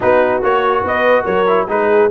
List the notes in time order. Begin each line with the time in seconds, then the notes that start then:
0.00 B3 D#4 F#4 B4
0.42 A#3 F#4 C#5
0.83 B3 B4 D#5
1.24 F#3 A#4 C#5
1.46 E4
1.68 G#3 D#4 G#4 B4